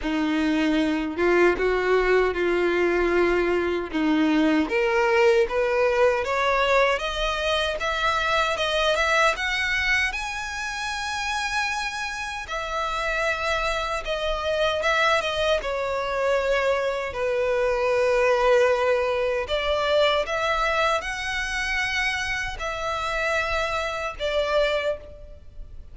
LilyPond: \new Staff \with { instrumentName = "violin" } { \time 4/4 \tempo 4 = 77 dis'4. f'8 fis'4 f'4~ | f'4 dis'4 ais'4 b'4 | cis''4 dis''4 e''4 dis''8 e''8 | fis''4 gis''2. |
e''2 dis''4 e''8 dis''8 | cis''2 b'2~ | b'4 d''4 e''4 fis''4~ | fis''4 e''2 d''4 | }